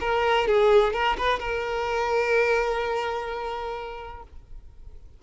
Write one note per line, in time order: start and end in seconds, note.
0.00 0.47 A#4
0.47 0.93 G#4
0.93 1.16 A#4
1.17 1.39 B4
1.39 4.23 A#4